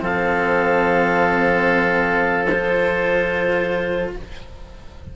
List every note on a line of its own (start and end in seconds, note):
0.00 4.12 F3
0.00 2.47 C4
0.00 4.13 A4
0.00 2.46 F5
2.46 4.16 F4
2.46 4.10 C5